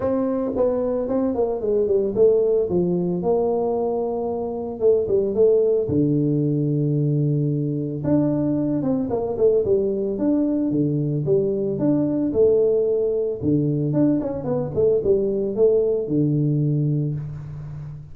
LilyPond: \new Staff \with { instrumentName = "tuba" } { \time 4/4 \tempo 4 = 112 c'4 b4 c'8 ais8 gis8 g8 | a4 f4 ais2~ | ais4 a8 g8 a4 d4~ | d2. d'4~ |
d'8 c'8 ais8 a8 g4 d'4 | d4 g4 d'4 a4~ | a4 d4 d'8 cis'8 b8 a8 | g4 a4 d2 | }